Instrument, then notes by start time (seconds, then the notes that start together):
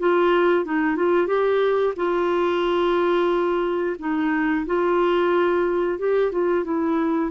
clarinet
0.00 F4
0.65 D#4
0.97 F4
1.28 G4
1.97 F4
3.99 D#4
4.67 F4
5.99 G4
6.32 F4
6.65 E4